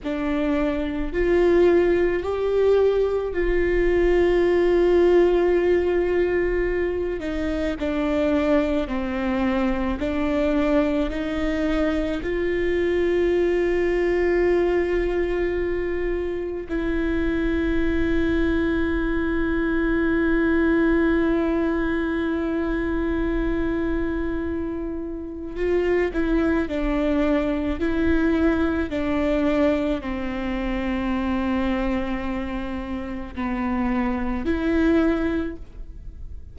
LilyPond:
\new Staff \with { instrumentName = "viola" } { \time 4/4 \tempo 4 = 54 d'4 f'4 g'4 f'4~ | f'2~ f'8 dis'8 d'4 | c'4 d'4 dis'4 f'4~ | f'2. e'4~ |
e'1~ | e'2. f'8 e'8 | d'4 e'4 d'4 c'4~ | c'2 b4 e'4 | }